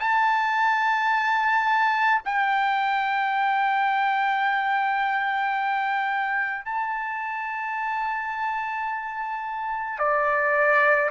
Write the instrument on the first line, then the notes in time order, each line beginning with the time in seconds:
trumpet
0.00 A5
2.25 G5
6.66 A5
9.99 D5